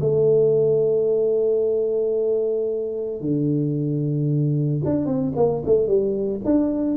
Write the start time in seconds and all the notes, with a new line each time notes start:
0.00 A3
3.21 D3
4.85 D4
5.06 C4
5.36 A#3
5.66 A3
5.87 G3
6.45 D4